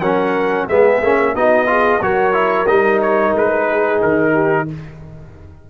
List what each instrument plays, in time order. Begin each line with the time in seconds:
0.00 tuba F#3, trombone C#4, horn A#4, trumpet F#5
0.68 tuba G#3, trombone B3, horn G#4, trumpet E5
1.02 tuba A#3, trombone C#4
1.35 tuba B3, trombone D#4, horn F#4, trumpet D#5
1.67 trombone F4, horn G#4
2.02 tuba F#3, trombone F#4, horn A#4, trumpet C#5
2.34 trombone E4
2.67 tuba G3, trombone D#4, trumpet D#5
3.02 trumpet C#5
3.34 tuba G#3, trumpet B4
3.68 horn G#4
4.02 tuba D#3, trumpet A#4
4.33 horn G4